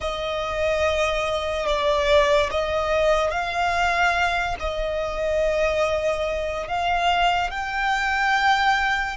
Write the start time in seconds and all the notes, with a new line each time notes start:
0.00 D#5
1.66 D5
2.50 D#5
3.30 F5
4.59 D#5
6.67 F5
7.50 G5